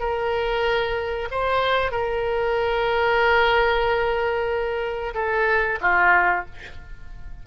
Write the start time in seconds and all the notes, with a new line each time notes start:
0.00 A#4
1.31 C5
1.92 A#4
5.15 A4
5.82 F4